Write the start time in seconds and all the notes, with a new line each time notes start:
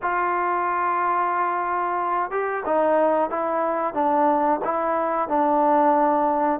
0.02 F4
2.30 G4
2.65 D#4
3.30 E4
3.94 D4
4.64 E4
5.28 D4